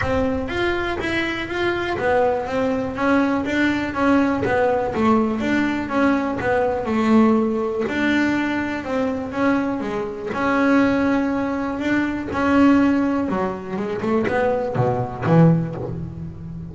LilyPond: \new Staff \with { instrumentName = "double bass" } { \time 4/4 \tempo 4 = 122 c'4 f'4 e'4 f'4 | b4 c'4 cis'4 d'4 | cis'4 b4 a4 d'4 | cis'4 b4 a2 |
d'2 c'4 cis'4 | gis4 cis'2. | d'4 cis'2 fis4 | gis8 a8 b4 b,4 e4 | }